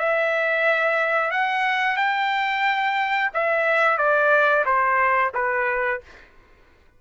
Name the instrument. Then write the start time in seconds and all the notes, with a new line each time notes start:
trumpet
0.00 E5
1.31 F#5
1.97 G5
3.34 E5
3.98 D5
4.66 C5
5.35 B4